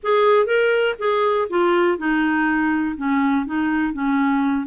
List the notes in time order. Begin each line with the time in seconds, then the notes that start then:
0.03 G#4
0.46 A#4
0.98 G#4
1.49 F4
1.97 D#4
2.96 C#4
3.46 D#4
3.93 C#4